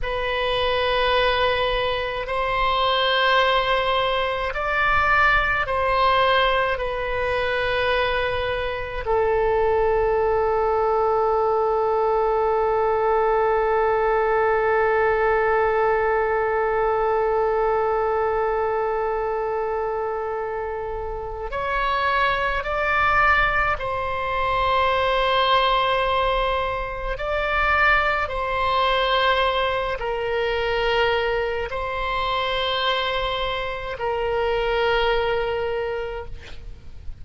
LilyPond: \new Staff \with { instrumentName = "oboe" } { \time 4/4 \tempo 4 = 53 b'2 c''2 | d''4 c''4 b'2 | a'1~ | a'1~ |
a'2. cis''4 | d''4 c''2. | d''4 c''4. ais'4. | c''2 ais'2 | }